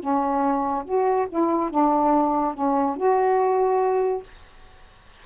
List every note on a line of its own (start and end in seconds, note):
0.00 0.85 C#4
0.85 1.27 F#4
1.29 1.71 E4
1.71 2.54 D4
2.54 2.97 C#4
2.97 4.24 F#4